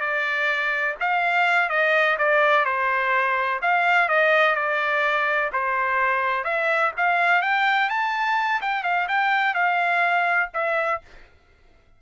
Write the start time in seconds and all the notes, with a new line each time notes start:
0.00 D5
1.00 F5
1.69 D#5
2.18 D5
2.65 C5
3.61 F5
4.08 D#5
4.55 D5
5.52 C5
6.44 E5
6.97 F5
7.42 G5
7.89 A5
8.61 G5
8.83 F5
9.08 G5
9.54 F5
10.54 E5